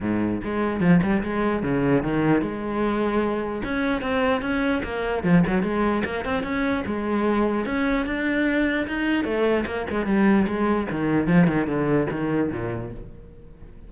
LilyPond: \new Staff \with { instrumentName = "cello" } { \time 4/4 \tempo 4 = 149 gis,4 gis4 f8 g8 gis4 | cis4 dis4 gis2~ | gis4 cis'4 c'4 cis'4 | ais4 f8 fis8 gis4 ais8 c'8 |
cis'4 gis2 cis'4 | d'2 dis'4 a4 | ais8 gis8 g4 gis4 dis4 | f8 dis8 d4 dis4 ais,4 | }